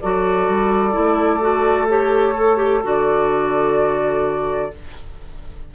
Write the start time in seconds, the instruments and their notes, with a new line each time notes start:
0.00 bassoon F#3, clarinet F#4, oboe A4, flute D5
0.48 bassoon G3
0.92 bassoon A3, clarinet E4
1.40 clarinet F#4
1.88 clarinet G4, flute C#5
2.36 clarinet A4
2.57 clarinet G4
2.83 bassoon D3, clarinet F#4, flute D5